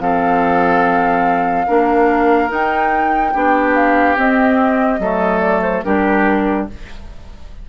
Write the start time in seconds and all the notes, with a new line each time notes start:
0.00 F3 C4 A4 F5
1.67 A#3 D4 A#4
2.49 D#4 G5
3.33 B3 D4 G4
3.75 F5
4.17 C4 D#5
4.99 F#3 A3 A4
5.40 D5
5.62 C5
5.84 G3 D4 G4 A#4